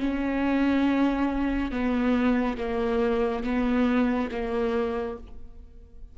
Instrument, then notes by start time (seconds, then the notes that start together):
viola
0.00 C#4
1.71 B3
2.58 A#3
3.43 B3
4.31 A#3